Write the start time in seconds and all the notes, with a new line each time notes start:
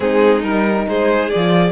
0.00 G#3 C4 D#4 G#4
0.43 G3 D#4 A#4
0.88 G#3 G#4 C5
1.29 F3 F4 D5